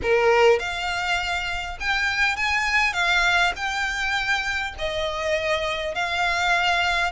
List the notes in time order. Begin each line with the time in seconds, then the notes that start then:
0.02 A#4
0.59 F5
1.80 G5
2.36 G#5
2.93 F5
3.56 G5
4.78 D#5
5.94 F5